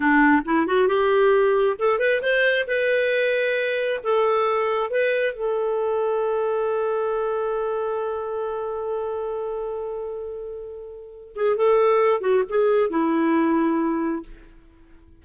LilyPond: \new Staff \with { instrumentName = "clarinet" } { \time 4/4 \tempo 4 = 135 d'4 e'8 fis'8 g'2 | a'8 b'8 c''4 b'2~ | b'4 a'2 b'4 | a'1~ |
a'1~ | a'1~ | a'4. gis'8 a'4. fis'8 | gis'4 e'2. | }